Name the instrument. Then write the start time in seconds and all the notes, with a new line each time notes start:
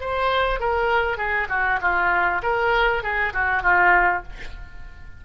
oboe
0.00 C5
0.60 A#4
1.17 G#4
1.49 F#4
1.81 F4
2.42 A#4
3.03 G#4
3.33 F#4
3.62 F4